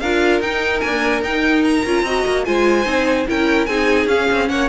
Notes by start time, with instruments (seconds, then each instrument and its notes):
0.00 cello D4, viola F4, violin A#4 F5
0.41 cello D#4, viola D#4, violin G5
0.80 viola A#3, cello D4, violin G#5
1.22 cello D#4, viola D#4, violin G5
1.64 violin A#5
1.86 cello C#4, viola F4
2.03 cello C4, viola F#4, violin D#5
2.27 cello A#3
2.45 cello G#3, viola F4, violin C5 G#5
2.85 cello C4, viola D#4
3.28 cello C#4, viola E4, violin A#4 G5
3.66 cello C4, viola D#4, violin G#4 G#5
4.06 cello C#4, viola C#4, violin F5
4.31 cello C4
4.49 cello A#3, violin C#5 F#5